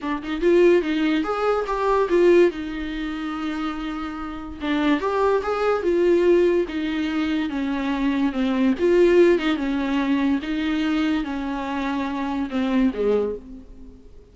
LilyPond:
\new Staff \with { instrumentName = "viola" } { \time 4/4 \tempo 4 = 144 d'8 dis'8 f'4 dis'4 gis'4 | g'4 f'4 dis'2~ | dis'2. d'4 | g'4 gis'4 f'2 |
dis'2 cis'2 | c'4 f'4. dis'8 cis'4~ | cis'4 dis'2 cis'4~ | cis'2 c'4 gis4 | }